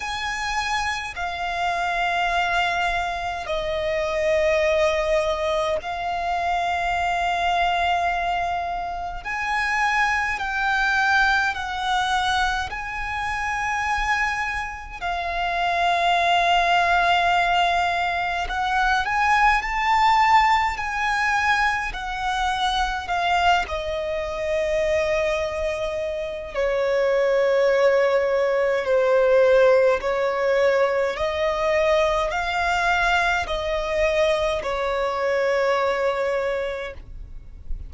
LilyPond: \new Staff \with { instrumentName = "violin" } { \time 4/4 \tempo 4 = 52 gis''4 f''2 dis''4~ | dis''4 f''2. | gis''4 g''4 fis''4 gis''4~ | gis''4 f''2. |
fis''8 gis''8 a''4 gis''4 fis''4 | f''8 dis''2~ dis''8 cis''4~ | cis''4 c''4 cis''4 dis''4 | f''4 dis''4 cis''2 | }